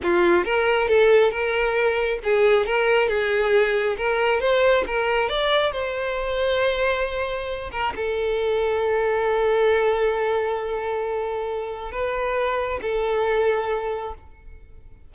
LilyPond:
\new Staff \with { instrumentName = "violin" } { \time 4/4 \tempo 4 = 136 f'4 ais'4 a'4 ais'4~ | ais'4 gis'4 ais'4 gis'4~ | gis'4 ais'4 c''4 ais'4 | d''4 c''2.~ |
c''4. ais'8 a'2~ | a'1~ | a'2. b'4~ | b'4 a'2. | }